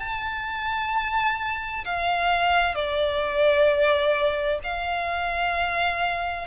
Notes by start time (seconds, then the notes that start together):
0.00 A5
1.85 F5
2.75 D5
4.63 F5